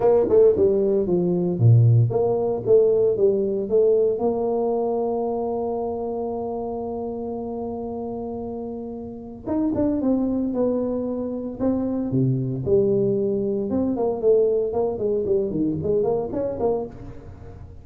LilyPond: \new Staff \with { instrumentName = "tuba" } { \time 4/4 \tempo 4 = 114 ais8 a8 g4 f4 ais,4 | ais4 a4 g4 a4 | ais1~ | ais1~ |
ais2 dis'8 d'8 c'4 | b2 c'4 c4 | g2 c'8 ais8 a4 | ais8 gis8 g8 dis8 gis8 ais8 cis'8 ais8 | }